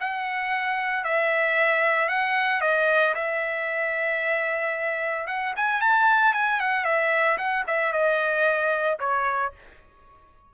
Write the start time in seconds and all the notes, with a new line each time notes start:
0.00 F#5
1.04 E5
2.09 F#5
2.61 D#5
3.14 E5
5.27 F#5
5.56 G#5
5.81 A5
6.33 G#5
6.60 F#5
6.84 E5
7.38 F#5
7.67 E5
7.92 D#5
8.99 C#5